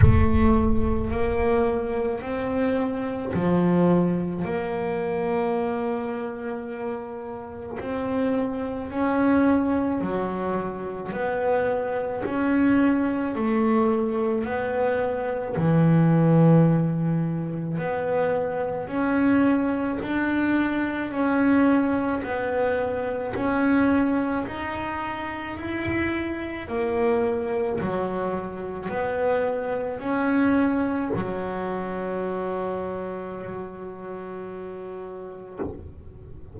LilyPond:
\new Staff \with { instrumentName = "double bass" } { \time 4/4 \tempo 4 = 54 a4 ais4 c'4 f4 | ais2. c'4 | cis'4 fis4 b4 cis'4 | a4 b4 e2 |
b4 cis'4 d'4 cis'4 | b4 cis'4 dis'4 e'4 | ais4 fis4 b4 cis'4 | fis1 | }